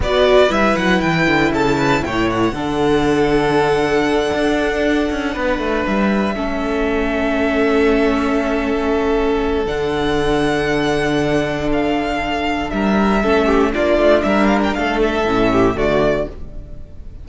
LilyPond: <<
  \new Staff \with { instrumentName = "violin" } { \time 4/4 \tempo 4 = 118 d''4 e''8 fis''8 g''4 a''4 | g''8 fis''2.~ fis''8~ | fis''2.~ fis''8 e''8~ | e''1~ |
e''2. fis''4~ | fis''2. f''4~ | f''4 e''2 d''4 | e''8 f''16 g''16 f''8 e''4. d''4 | }
  \new Staff \with { instrumentName = "violin" } { \time 4/4 b'2. a'8 b'8 | cis''4 a'2.~ | a'2~ a'8 b'4.~ | b'8 a'2.~ a'8~ |
a'1~ | a'1~ | a'4 ais'4 a'8 g'8 f'4 | ais'4 a'4. g'8 fis'4 | }
  \new Staff \with { instrumentName = "viola" } { \time 4/4 fis'4 e'2.~ | e'4 d'2.~ | d'1~ | d'8 cis'2.~ cis'8~ |
cis'2. d'4~ | d'1~ | d'2 cis'4 d'4~ | d'2 cis'4 a4 | }
  \new Staff \with { instrumentName = "cello" } { \time 4/4 b4 g8 fis8 e8 d8 cis4 | a,4 d2.~ | d8 d'4. cis'8 b8 a8 g8~ | g8 a2.~ a8~ |
a2. d4~ | d1~ | d4 g4 a4 ais8 a8 | g4 a4 a,4 d4 | }
>>